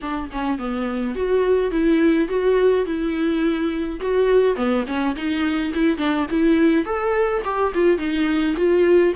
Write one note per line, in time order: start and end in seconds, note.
0.01 0.30 D4
0.31 0.58 C#4
0.58 1.15 B3
1.15 1.71 F#4
1.71 2.28 E4
2.28 2.85 F#4
2.85 3.99 E4
4.00 4.56 F#4
4.56 4.84 B3
4.86 5.15 C#4
5.15 5.72 D#4
5.74 5.97 E4
5.97 6.26 D4
6.30 6.85 E4
6.85 7.42 A4
7.44 7.72 G4
7.74 7.98 F4
7.98 8.55 D#4
8.56 9.13 F4